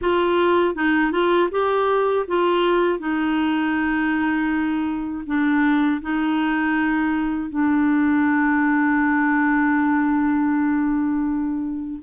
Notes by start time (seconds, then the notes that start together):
0.01 F4
0.75 D#4
1.11 F4
1.51 G4
2.27 F4
2.99 D#4
5.26 D4
6.01 D#4
7.49 D4